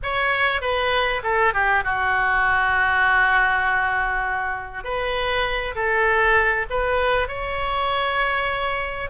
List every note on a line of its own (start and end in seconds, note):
0.02 0.61 C#5
0.61 1.21 B4
1.23 1.53 A4
1.53 1.83 G4
1.84 4.83 F#4
4.83 5.74 B4
5.75 6.66 A4
6.70 7.28 B4
7.28 9.09 C#5